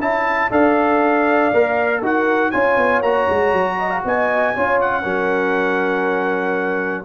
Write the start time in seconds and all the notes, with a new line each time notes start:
0.00 C#4 E4 E5 A5
0.51 D4 A4 D5 F5
1.54 A#3 A#4
2.02 D#4 F#4 A#4 F#5
2.51 C#4 F4 C#5 G#5
2.77 B3
3.02 A#3 F#4 A#5
3.30 G#3
3.53 F#3
3.79 D#5
3.90 F5
4.05 B3 D#5 G#5
4.55 C#4 F4 C#5
4.81 F#5
5.03 F#3 C#4 A#4